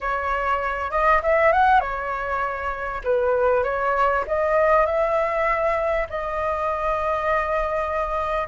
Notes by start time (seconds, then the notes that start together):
0.00 C#5
0.91 D#5
1.22 E5
1.52 F#5
1.80 C#5
3.04 B4
3.63 C#5
4.27 D#5
4.86 E5
6.09 D#5